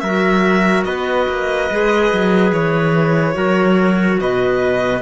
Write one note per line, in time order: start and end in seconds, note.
0.00 0.85 F#3
0.00 1.70 F#4
0.00 0.86 A#4
0.00 0.83 E5
0.84 1.27 B3
0.84 3.36 B4
0.84 2.51 D#5
1.28 1.70 A#3
1.70 2.12 G#3
1.70 3.33 G#4
2.13 2.52 F#3
2.52 3.35 E3
2.52 4.19 C#5
3.33 4.19 F#3
3.33 5.00 F#4
3.33 4.20 A#4
4.20 5.02 B2
4.20 5.02 B4
4.20 5.02 D#5